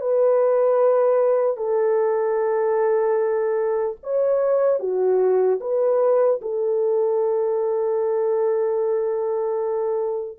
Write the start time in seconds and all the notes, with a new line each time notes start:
0.00 B4
1.56 A4
4.03 C#5
4.79 F#4
5.60 B4
6.41 A4